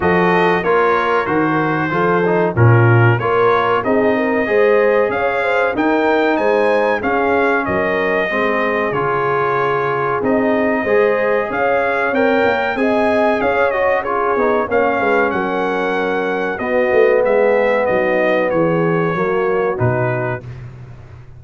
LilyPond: <<
  \new Staff \with { instrumentName = "trumpet" } { \time 4/4 \tempo 4 = 94 dis''4 cis''4 c''2 | ais'4 cis''4 dis''2 | f''4 g''4 gis''4 f''4 | dis''2 cis''2 |
dis''2 f''4 g''4 | gis''4 f''8 dis''8 cis''4 f''4 | fis''2 dis''4 e''4 | dis''4 cis''2 b'4 | }
  \new Staff \with { instrumentName = "horn" } { \time 4/4 a'4 ais'2 a'4 | f'4 ais'4 gis'8 ais'8 c''4 | cis''8 c''8 ais'4 c''4 gis'4 | ais'4 gis'2.~ |
gis'4 c''4 cis''2 | dis''4 cis''4 gis'4 cis''8 b'8 | ais'2 fis'4 gis'4 | dis'4 gis'4 fis'2 | }
  \new Staff \with { instrumentName = "trombone" } { \time 4/4 fis'4 f'4 fis'4 f'8 dis'8 | cis'4 f'4 dis'4 gis'4~ | gis'4 dis'2 cis'4~ | cis'4 c'4 f'2 |
dis'4 gis'2 ais'4 | gis'4. fis'8 f'8 dis'8 cis'4~ | cis'2 b2~ | b2 ais4 dis'4 | }
  \new Staff \with { instrumentName = "tuba" } { \time 4/4 f4 ais4 dis4 f4 | ais,4 ais4 c'4 gis4 | cis'4 dis'4 gis4 cis'4 | fis4 gis4 cis2 |
c'4 gis4 cis'4 c'8 ais8 | c'4 cis'4. b8 ais8 gis8 | fis2 b8 a8 gis4 | fis4 e4 fis4 b,4 | }
>>